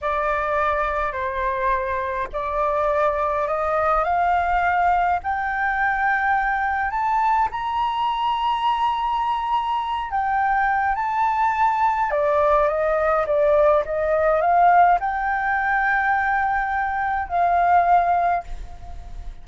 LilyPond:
\new Staff \with { instrumentName = "flute" } { \time 4/4 \tempo 4 = 104 d''2 c''2 | d''2 dis''4 f''4~ | f''4 g''2. | a''4 ais''2.~ |
ais''4. g''4. a''4~ | a''4 d''4 dis''4 d''4 | dis''4 f''4 g''2~ | g''2 f''2 | }